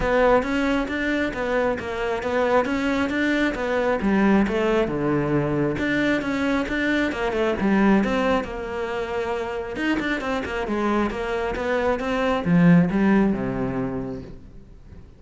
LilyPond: \new Staff \with { instrumentName = "cello" } { \time 4/4 \tempo 4 = 135 b4 cis'4 d'4 b4 | ais4 b4 cis'4 d'4 | b4 g4 a4 d4~ | d4 d'4 cis'4 d'4 |
ais8 a8 g4 c'4 ais4~ | ais2 dis'8 d'8 c'8 ais8 | gis4 ais4 b4 c'4 | f4 g4 c2 | }